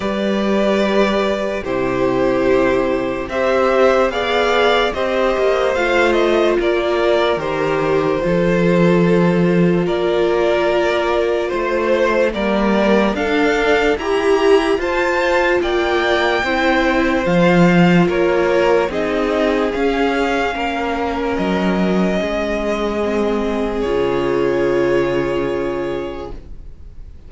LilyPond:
<<
  \new Staff \with { instrumentName = "violin" } { \time 4/4 \tempo 4 = 73 d''2 c''2 | e''4 f''4 dis''4 f''8 dis''8 | d''4 c''2. | d''2 c''4 d''4 |
f''4 ais''4 a''4 g''4~ | g''4 f''4 cis''4 dis''4 | f''2 dis''2~ | dis''4 cis''2. | }
  \new Staff \with { instrumentName = "violin" } { \time 4/4 b'2 g'2 | c''4 d''4 c''2 | ais'2 a'2 | ais'2 c''4 ais'4 |
a'4 g'4 c''4 d''4 | c''2 ais'4 gis'4~ | gis'4 ais'2 gis'4~ | gis'1 | }
  \new Staff \with { instrumentName = "viola" } { \time 4/4 g'2 e'2 | g'4 gis'4 g'4 f'4~ | f'4 g'4 f'2~ | f'2. ais4 |
d'4 g'4 f'2 | e'4 f'2 dis'4 | cis'1 | c'4 f'2. | }
  \new Staff \with { instrumentName = "cello" } { \time 4/4 g2 c2 | c'4 b4 c'8 ais8 a4 | ais4 dis4 f2 | ais2 a4 g4 |
d'4 e'4 f'4 ais4 | c'4 f4 ais4 c'4 | cis'4 ais4 fis4 gis4~ | gis4 cis2. | }
>>